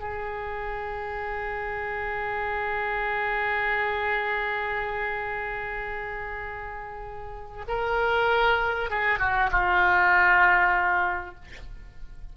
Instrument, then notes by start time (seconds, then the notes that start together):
oboe
0.00 G#4
7.68 A#4
8.90 G#4
9.19 F#4
9.51 F4